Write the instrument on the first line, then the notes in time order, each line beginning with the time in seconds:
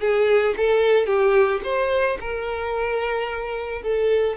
violin
0.00 G#4
0.56 A4
1.06 G4
1.63 C5
2.20 A#4
3.82 A4